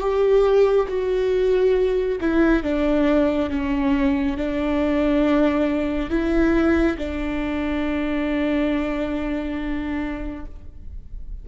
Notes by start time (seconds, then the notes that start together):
0.00 G4
0.88 F#4
2.20 E4
2.63 D4
3.50 C#4
4.37 D4
6.10 E4
6.98 D4